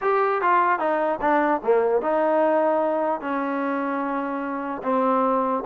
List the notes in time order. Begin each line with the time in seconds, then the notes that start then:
0.01 G4
0.41 F4
0.79 D#4
1.21 D4
1.63 A#3
2.01 D#4
3.20 C#4
4.82 C4